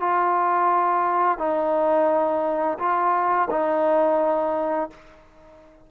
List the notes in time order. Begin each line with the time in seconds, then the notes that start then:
0.00 F4
1.38 D#4
2.78 F4
3.50 D#4